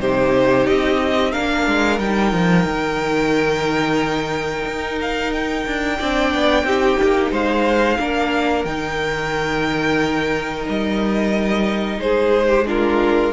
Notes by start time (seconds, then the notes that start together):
0.00 C3 D#4 G4 C5
0.67 C4 D#5
1.32 A#3 D4 A#4 F5
1.67 G#3
1.99 G3 D#4 G5
2.33 F3
2.66 D#3
4.66 D#4
5.02 F5
5.33 G5
5.66 D4
5.99 C4 D4 D5
6.35 B3
6.64 C4 D#4 G4
7.03 A#3
7.32 G#3 C5 F5
7.99 A#3 D4 A#4
8.65 D#3 D#4 G5
10.69 G3 D#5
11.98 G#3 G#4 C5
12.48 G4
12.66 D4 F4 A#4